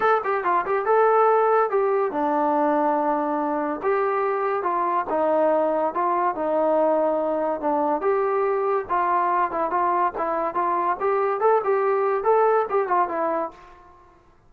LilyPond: \new Staff \with { instrumentName = "trombone" } { \time 4/4 \tempo 4 = 142 a'8 g'8 f'8 g'8 a'2 | g'4 d'2.~ | d'4 g'2 f'4 | dis'2 f'4 dis'4~ |
dis'2 d'4 g'4~ | g'4 f'4. e'8 f'4 | e'4 f'4 g'4 a'8 g'8~ | g'4 a'4 g'8 f'8 e'4 | }